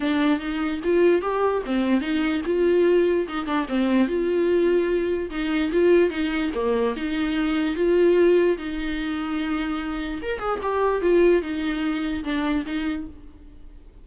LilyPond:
\new Staff \with { instrumentName = "viola" } { \time 4/4 \tempo 4 = 147 d'4 dis'4 f'4 g'4 | c'4 dis'4 f'2 | dis'8 d'8 c'4 f'2~ | f'4 dis'4 f'4 dis'4 |
ais4 dis'2 f'4~ | f'4 dis'2.~ | dis'4 ais'8 gis'8 g'4 f'4 | dis'2 d'4 dis'4 | }